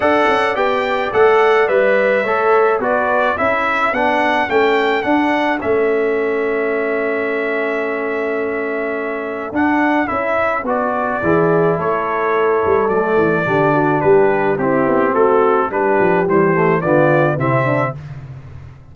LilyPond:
<<
  \new Staff \with { instrumentName = "trumpet" } { \time 4/4 \tempo 4 = 107 fis''4 g''4 fis''4 e''4~ | e''4 d''4 e''4 fis''4 | g''4 fis''4 e''2~ | e''1~ |
e''4 fis''4 e''4 d''4~ | d''4 cis''2 d''4~ | d''4 b'4 g'4 a'4 | b'4 c''4 d''4 e''4 | }
  \new Staff \with { instrumentName = "horn" } { \time 4/4 d''1 | cis''4 b'4 a'2~ | a'1~ | a'1~ |
a'1 | gis'4 a'2. | g'8 fis'8 g'4 e'4 fis'4 | g'2 f'4 e'8 d'8 | }
  \new Staff \with { instrumentName = "trombone" } { \time 4/4 a'4 g'4 a'4 b'4 | a'4 fis'4 e'4 d'4 | cis'4 d'4 cis'2~ | cis'1~ |
cis'4 d'4 e'4 fis'4 | e'2. a4 | d'2 c'2 | d'4 g8 a8 b4 c'4 | }
  \new Staff \with { instrumentName = "tuba" } { \time 4/4 d'8 cis'8 b4 a4 g4 | a4 b4 cis'4 b4 | a4 d'4 a2~ | a1~ |
a4 d'4 cis'4 b4 | e4 a4. g8 fis8 e8 | d4 g4 c'8 b8 a4 | g8 f8 e4 d4 c4 | }
>>